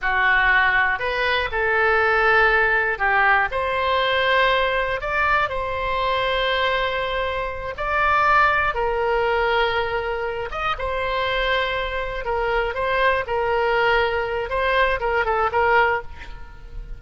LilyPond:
\new Staff \with { instrumentName = "oboe" } { \time 4/4 \tempo 4 = 120 fis'2 b'4 a'4~ | a'2 g'4 c''4~ | c''2 d''4 c''4~ | c''2.~ c''8 d''8~ |
d''4. ais'2~ ais'8~ | ais'4 dis''8 c''2~ c''8~ | c''8 ais'4 c''4 ais'4.~ | ais'4 c''4 ais'8 a'8 ais'4 | }